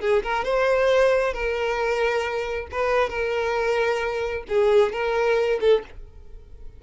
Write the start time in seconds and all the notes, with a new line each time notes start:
0.00 G#4
0.23 A#4
0.44 C5
1.33 A#4
2.71 B4
3.09 A#4
4.48 G#4
4.92 A#4
5.60 A4